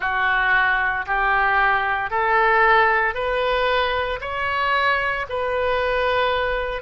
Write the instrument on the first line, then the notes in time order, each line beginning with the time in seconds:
oboe
0.00 F#4
1.06 G4
2.10 A4
3.14 B4
4.21 C#5
5.29 B4